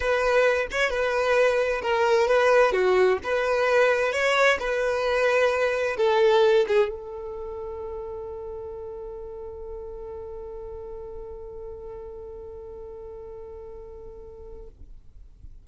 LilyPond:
\new Staff \with { instrumentName = "violin" } { \time 4/4 \tempo 4 = 131 b'4. cis''8 b'2 | ais'4 b'4 fis'4 b'4~ | b'4 cis''4 b'2~ | b'4 a'4. gis'8 a'4~ |
a'1~ | a'1~ | a'1~ | a'1 | }